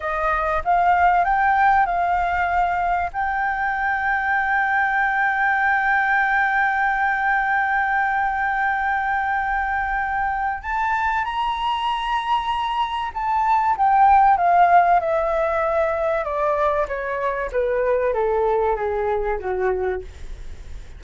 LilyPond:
\new Staff \with { instrumentName = "flute" } { \time 4/4 \tempo 4 = 96 dis''4 f''4 g''4 f''4~ | f''4 g''2.~ | g''1~ | g''1~ |
g''4 a''4 ais''2~ | ais''4 a''4 g''4 f''4 | e''2 d''4 cis''4 | b'4 a'4 gis'4 fis'4 | }